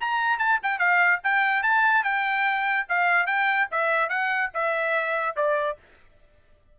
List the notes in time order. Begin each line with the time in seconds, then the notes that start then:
0.00 A#5
0.38 A5
0.62 G5
0.78 F5
1.23 G5
1.62 A5
2.03 G5
2.88 F5
3.26 G5
3.71 E5
4.09 F#5
4.53 E5
5.35 D5